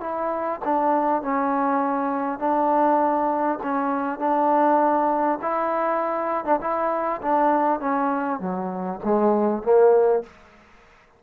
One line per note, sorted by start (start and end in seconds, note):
0.00 0.60 E4
0.64 1.22 D4
1.22 2.39 C#4
2.39 3.59 D4
3.63 4.19 C#4
4.19 5.39 D4
5.42 6.45 E4
6.45 6.60 D4
6.61 7.21 E4
7.22 7.80 D4
7.80 8.40 C#4
8.40 9.00 F#3
9.04 9.63 G#3
9.63 10.23 A#3